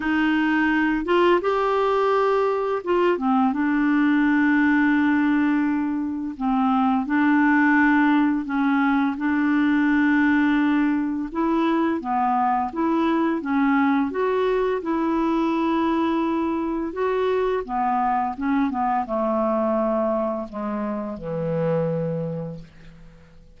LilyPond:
\new Staff \with { instrumentName = "clarinet" } { \time 4/4 \tempo 4 = 85 dis'4. f'8 g'2 | f'8 c'8 d'2.~ | d'4 c'4 d'2 | cis'4 d'2. |
e'4 b4 e'4 cis'4 | fis'4 e'2. | fis'4 b4 cis'8 b8 a4~ | a4 gis4 e2 | }